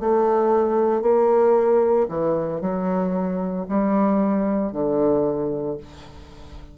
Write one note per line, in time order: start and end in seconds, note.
0.00 1.02 A3
1.02 2.07 A#3
2.09 2.61 E3
2.61 3.67 F#3
3.69 4.73 G3
4.73 5.78 D3